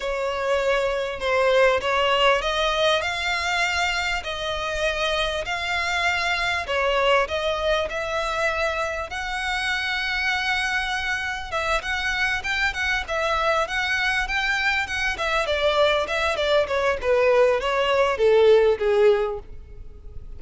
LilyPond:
\new Staff \with { instrumentName = "violin" } { \time 4/4 \tempo 4 = 99 cis''2 c''4 cis''4 | dis''4 f''2 dis''4~ | dis''4 f''2 cis''4 | dis''4 e''2 fis''4~ |
fis''2. e''8 fis''8~ | fis''8 g''8 fis''8 e''4 fis''4 g''8~ | g''8 fis''8 e''8 d''4 e''8 d''8 cis''8 | b'4 cis''4 a'4 gis'4 | }